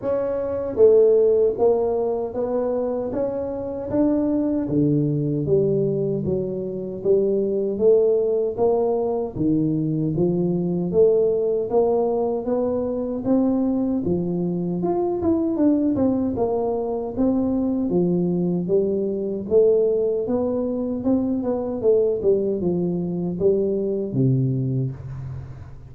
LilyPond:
\new Staff \with { instrumentName = "tuba" } { \time 4/4 \tempo 4 = 77 cis'4 a4 ais4 b4 | cis'4 d'4 d4 g4 | fis4 g4 a4 ais4 | dis4 f4 a4 ais4 |
b4 c'4 f4 f'8 e'8 | d'8 c'8 ais4 c'4 f4 | g4 a4 b4 c'8 b8 | a8 g8 f4 g4 c4 | }